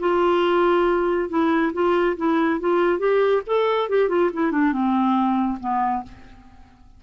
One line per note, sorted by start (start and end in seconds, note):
0.00 1.29 F4
1.29 1.72 E4
1.73 2.17 F4
2.17 2.60 E4
2.60 2.99 F4
2.99 3.42 G4
3.47 3.89 A4
3.89 4.09 G4
4.09 4.31 F4
4.33 4.52 E4
4.52 4.72 D4
4.72 5.59 C4
5.60 6.04 B3